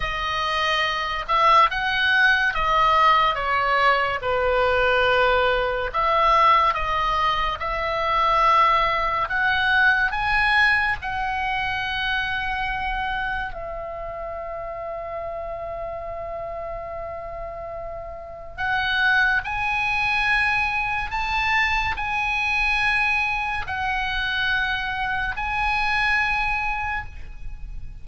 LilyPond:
\new Staff \with { instrumentName = "oboe" } { \time 4/4 \tempo 4 = 71 dis''4. e''8 fis''4 dis''4 | cis''4 b'2 e''4 | dis''4 e''2 fis''4 | gis''4 fis''2. |
e''1~ | e''2 fis''4 gis''4~ | gis''4 a''4 gis''2 | fis''2 gis''2 | }